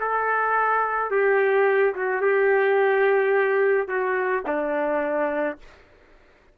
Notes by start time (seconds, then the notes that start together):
0.00 A4
1.11 G4
1.95 F#4
2.21 G4
3.88 F#4
4.46 D4